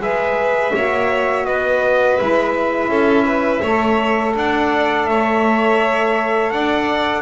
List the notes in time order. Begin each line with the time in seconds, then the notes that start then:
0.00 G#3 G#4 B4 E5
0.75 A#3 F#4 C#5
1.46 B3 B4 D#5
2.17 G#3 E4 E5
2.88 C#4 A4
3.26 B4
3.62 A3 A4 C#5
4.36 D4 D5 F#5
5.06 A3 C#5 E5
6.51 D4 D5 F#5